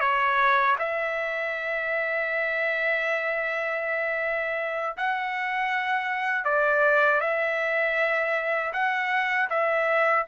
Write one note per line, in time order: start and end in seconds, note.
0.00 0.76 C#5
0.78 4.96 E5
4.96 6.44 F#5
6.44 7.20 D5
7.20 8.72 E5
8.73 9.49 F#5
9.49 10.25 E5